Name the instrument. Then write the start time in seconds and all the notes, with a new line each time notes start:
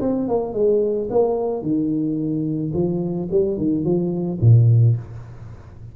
tuba
0.00 C4
0.28 A#3
0.53 G#3
1.10 A#3
1.62 D#3
2.73 F3
3.31 G3
3.57 D#3
3.84 F3
4.41 A#2